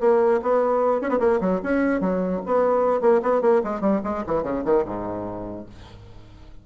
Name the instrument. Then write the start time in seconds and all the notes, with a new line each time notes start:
bassoon
0.00 A#3
0.42 B3
1.01 C#4
1.09 B3
1.19 A#3
1.40 F#3
1.62 C#4
2.00 F#3
2.45 B3
3.01 A#3
3.22 B3
3.41 A#3
3.64 G#3
3.80 G3
4.04 G#3
4.26 E3
4.43 C#3
4.64 D#3
4.85 G#2